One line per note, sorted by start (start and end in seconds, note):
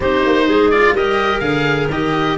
0.00 0.24 C4
0.00 0.72 D#4
0.00 0.46 G4
0.00 0.70 C5
0.25 0.47 A#3
0.46 0.92 G#3
0.46 0.94 G#4
0.70 0.96 F4
0.70 0.94 D5
0.92 1.40 G3
0.92 1.41 G4
0.92 2.37 A#4
0.92 1.39 D#5
1.39 1.88 D3
1.39 1.89 G#4
1.39 1.87 F5
1.88 2.36 D#3
1.88 2.37 G4
1.88 2.37 D#5